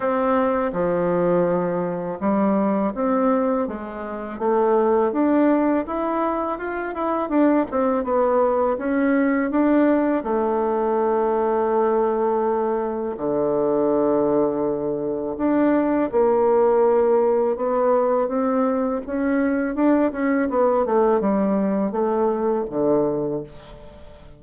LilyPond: \new Staff \with { instrumentName = "bassoon" } { \time 4/4 \tempo 4 = 82 c'4 f2 g4 | c'4 gis4 a4 d'4 | e'4 f'8 e'8 d'8 c'8 b4 | cis'4 d'4 a2~ |
a2 d2~ | d4 d'4 ais2 | b4 c'4 cis'4 d'8 cis'8 | b8 a8 g4 a4 d4 | }